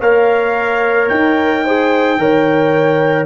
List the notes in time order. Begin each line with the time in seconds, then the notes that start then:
0.00 A#3 A#4 C#5 F5
1.09 D#4 G5
1.64 G#4 C5
2.18 D#3 A#4 C#5